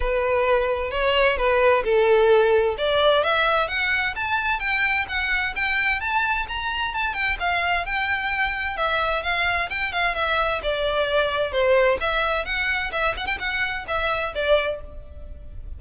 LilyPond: \new Staff \with { instrumentName = "violin" } { \time 4/4 \tempo 4 = 130 b'2 cis''4 b'4 | a'2 d''4 e''4 | fis''4 a''4 g''4 fis''4 | g''4 a''4 ais''4 a''8 g''8 |
f''4 g''2 e''4 | f''4 g''8 f''8 e''4 d''4~ | d''4 c''4 e''4 fis''4 | e''8 fis''16 g''16 fis''4 e''4 d''4 | }